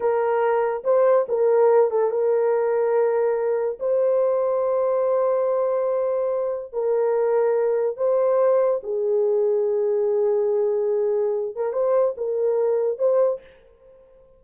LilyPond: \new Staff \with { instrumentName = "horn" } { \time 4/4 \tempo 4 = 143 ais'2 c''4 ais'4~ | ais'8 a'8 ais'2.~ | ais'4 c''2.~ | c''1 |
ais'2. c''4~ | c''4 gis'2.~ | gis'2.~ gis'8 ais'8 | c''4 ais'2 c''4 | }